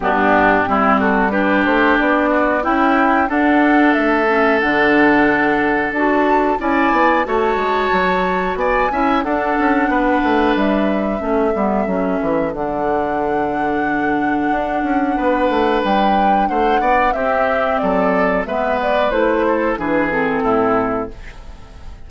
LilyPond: <<
  \new Staff \with { instrumentName = "flute" } { \time 4/4 \tempo 4 = 91 g'4. a'8 b'8 c''8 d''4 | g''4 fis''4 e''4 fis''4~ | fis''4 a''4 gis''4 a''4~ | a''4 gis''4 fis''2 |
e''2. fis''4~ | fis''1 | g''4 fis''4 e''4 d''4 | e''8 d''8 c''4 b'8 a'4. | }
  \new Staff \with { instrumentName = "oboe" } { \time 4/4 d'4 e'8 fis'8 g'4. fis'8 | e'4 a'2.~ | a'2 d''4 cis''4~ | cis''4 d''8 e''8 a'4 b'4~ |
b'4 a'2.~ | a'2. b'4~ | b'4 c''8 d''8 g'4 a'4 | b'4. a'8 gis'4 e'4 | }
  \new Staff \with { instrumentName = "clarinet" } { \time 4/4 b4 c'4 d'2 | e'4 d'4. cis'8 d'4~ | d'4 fis'4 e'4 fis'4~ | fis'4. e'8 d'2~ |
d'4 cis'8 b8 cis'4 d'4~ | d'1~ | d'2 c'2 | b4 e'4 d'8 c'4. | }
  \new Staff \with { instrumentName = "bassoon" } { \time 4/4 g,4 g4. a8 b4 | cis'4 d'4 a4 d4~ | d4 d'4 cis'8 b8 a8 gis8 | fis4 b8 cis'8 d'8 cis'8 b8 a8 |
g4 a8 g8 fis8 e8 d4~ | d2 d'8 cis'8 b8 a8 | g4 a8 b8 c'4 fis4 | gis4 a4 e4 a,4 | }
>>